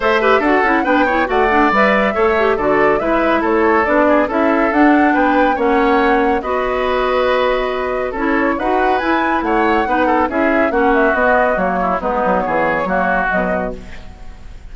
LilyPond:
<<
  \new Staff \with { instrumentName = "flute" } { \time 4/4 \tempo 4 = 140 e''4 fis''4 g''4 fis''4 | e''2 d''4 e''4 | cis''4 d''4 e''4 fis''4 | g''4 fis''2 dis''4~ |
dis''2. cis''4 | fis''4 gis''4 fis''2 | e''4 fis''8 e''8 dis''4 cis''4 | b'4 cis''2 dis''4 | }
  \new Staff \with { instrumentName = "oboe" } { \time 4/4 c''8 b'8 a'4 b'8 cis''8 d''4~ | d''4 cis''4 a'4 b'4 | a'4. gis'8 a'2 | b'4 cis''2 b'4~ |
b'2. a'4 | b'2 cis''4 b'8 a'8 | gis'4 fis'2~ fis'8 e'8 | dis'4 gis'4 fis'2 | }
  \new Staff \with { instrumentName = "clarinet" } { \time 4/4 a'8 g'8 fis'8 e'8 d'8 e'8 fis'8 d'8 | b'4 a'8 g'8 fis'4 e'4~ | e'4 d'4 e'4 d'4~ | d'4 cis'2 fis'4~ |
fis'2. e'4 | fis'4 e'2 dis'4 | e'4 cis'4 b4 ais4 | b2 ais4 fis4 | }
  \new Staff \with { instrumentName = "bassoon" } { \time 4/4 a4 d'8 cis'8 b4 a4 | g4 a4 d4 gis4 | a4 b4 cis'4 d'4 | b4 ais2 b4~ |
b2. cis'4 | dis'4 e'4 a4 b4 | cis'4 ais4 b4 fis4 | gis8 fis8 e4 fis4 b,4 | }
>>